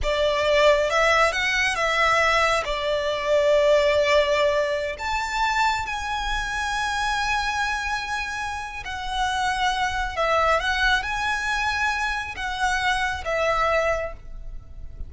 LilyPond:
\new Staff \with { instrumentName = "violin" } { \time 4/4 \tempo 4 = 136 d''2 e''4 fis''4 | e''2 d''2~ | d''2.~ d''16 a''8.~ | a''4~ a''16 gis''2~ gis''8.~ |
gis''1 | fis''2. e''4 | fis''4 gis''2. | fis''2 e''2 | }